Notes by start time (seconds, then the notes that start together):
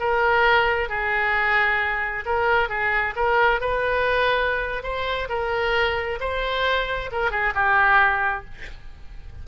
0.00 A#4
0.89 G#4
2.26 A#4
2.69 G#4
3.16 A#4
3.61 B4
4.83 C5
5.29 A#4
6.20 C5
7.12 A#4
7.31 G#4
7.55 G4